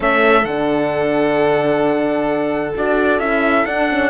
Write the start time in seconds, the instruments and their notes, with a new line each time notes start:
0.00 cello A3, horn C#4, violin A4, trumpet E5
0.44 cello D3, horn D4, trumpet F#5
2.76 cello D4, horn F#4, trumpet D5
3.19 cello C#4, horn E4, trumpet E5
3.65 horn D4, cello D4, trumpet F#5
3.89 horn C#4